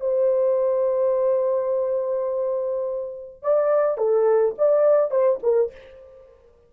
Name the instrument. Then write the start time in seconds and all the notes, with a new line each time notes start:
horn
0.00 C5
3.42 D5
3.97 A4
4.58 D5
5.10 C5
5.43 A#4